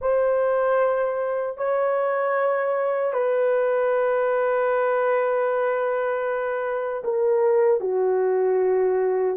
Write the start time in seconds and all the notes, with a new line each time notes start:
0.01 C5
1.57 C#5
3.13 B4
7.03 A#4
7.80 F#4